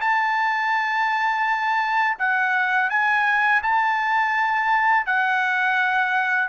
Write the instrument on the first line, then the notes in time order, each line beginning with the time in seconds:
trumpet
0.00 A5
2.18 F#5
2.89 G#5
3.62 A5
5.06 F#5